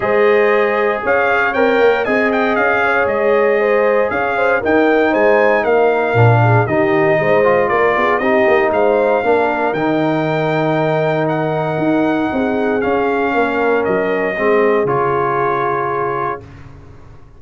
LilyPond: <<
  \new Staff \with { instrumentName = "trumpet" } { \time 4/4 \tempo 4 = 117 dis''2 f''4 g''4 | gis''8 g''8 f''4 dis''2 | f''4 g''4 gis''4 f''4~ | f''4 dis''2 d''4 |
dis''4 f''2 g''4~ | g''2 fis''2~ | fis''4 f''2 dis''4~ | dis''4 cis''2. | }
  \new Staff \with { instrumentName = "horn" } { \time 4/4 c''2 cis''2 | dis''4. cis''4. c''4 | cis''8 c''8 ais'4 c''4 ais'4~ | ais'8 gis'8 g'4 c''4 ais'8 gis'8 |
g'4 c''4 ais'2~ | ais'1 | gis'2 ais'2 | gis'1 | }
  \new Staff \with { instrumentName = "trombone" } { \time 4/4 gis'2. ais'4 | gis'1~ | gis'4 dis'2. | d'4 dis'4. f'4. |
dis'2 d'4 dis'4~ | dis'1~ | dis'4 cis'2. | c'4 f'2. | }
  \new Staff \with { instrumentName = "tuba" } { \time 4/4 gis2 cis'4 c'8 ais8 | c'4 cis'4 gis2 | cis'4 dis'4 gis4 ais4 | ais,4 dis4 gis4 ais8 b8 |
c'8 ais8 gis4 ais4 dis4~ | dis2. dis'4 | c'4 cis'4 ais4 fis4 | gis4 cis2. | }
>>